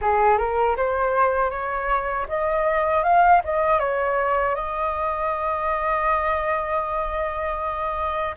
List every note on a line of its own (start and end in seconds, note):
0.01 0.38 G#4
0.38 0.76 A#4
0.76 1.50 C5
1.50 2.26 C#5
2.28 3.03 D#5
3.03 3.41 F5
3.44 3.79 D#5
3.79 4.55 C#5
4.55 8.35 D#5